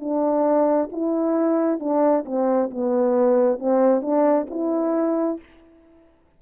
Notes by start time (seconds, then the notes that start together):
0.00 D4
0.92 E4
1.80 D4
2.25 C4
2.70 B3
3.59 C4
4.01 D4
4.50 E4